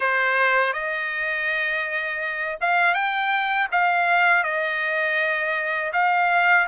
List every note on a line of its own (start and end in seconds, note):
0.00 0.73 C5
0.73 2.58 D#5
2.61 2.94 F5
2.94 3.68 G5
3.71 4.43 F5
4.43 5.92 D#5
5.93 6.67 F5